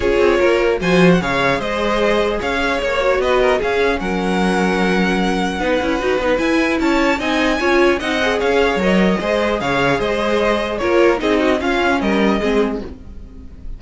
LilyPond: <<
  \new Staff \with { instrumentName = "violin" } { \time 4/4 \tempo 4 = 150 cis''2 gis''8. fis''16 f''4 | dis''2 f''4 cis''4 | dis''4 f''4 fis''2~ | fis''1 |
gis''4 a''4 gis''2 | fis''4 f''4 dis''2 | f''4 dis''2 cis''4 | dis''4 f''4 dis''2 | }
  \new Staff \with { instrumentName = "violin" } { \time 4/4 gis'4 ais'4 c''4 cis''4 | c''2 cis''2 | b'8 ais'8 gis'4 ais'2~ | ais'2 b'2~ |
b'4 cis''4 dis''4 cis''4 | dis''4 cis''2 c''4 | cis''4 c''2 ais'4 | gis'8 fis'8 f'4 ais'4 gis'4 | }
  \new Staff \with { instrumentName = "viola" } { \time 4/4 f'2 fis'4 gis'4~ | gis'2.~ gis'8 fis'8~ | fis'4 cis'2.~ | cis'2 dis'8 e'8 fis'8 dis'8 |
e'2 dis'4 f'4 | dis'8 gis'4. ais'4 gis'4~ | gis'2. f'4 | dis'4 cis'2 c'4 | }
  \new Staff \with { instrumentName = "cello" } { \time 4/4 cis'8 c'8 ais4 f4 cis4 | gis2 cis'4 ais4 | b4 cis'4 fis2~ | fis2 b8 cis'8 dis'8 b8 |
e'4 cis'4 c'4 cis'4 | c'4 cis'4 fis4 gis4 | cis4 gis2 ais4 | c'4 cis'4 g4 gis4 | }
>>